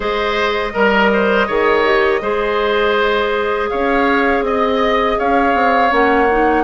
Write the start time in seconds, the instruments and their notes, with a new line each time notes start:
0.00 bassoon G#3, clarinet G#4, oboe C5, flute D#5
0.73 bassoon G3, oboe A#4, clarinet A#4
1.13 oboe C5
1.47 bassoon D#3, clarinet G#4, oboe C#5
1.84 clarinet G4
2.21 bassoon G#3, clarinet G#4, oboe C5
3.69 bassoon C#4, oboe C#5, flute F5
4.41 bassoon C4, oboe D#5, flute D#5
5.18 bassoon C#4, oboe C#5, flute F5
5.54 bassoon C4
5.90 bassoon A#3, clarinet C#4, flute F#5
6.31 clarinet D#4